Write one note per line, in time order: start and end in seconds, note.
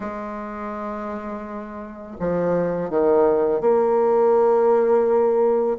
0.00 2.16 G#3
2.19 2.90 F3
2.90 3.60 D#3
3.60 5.77 A#3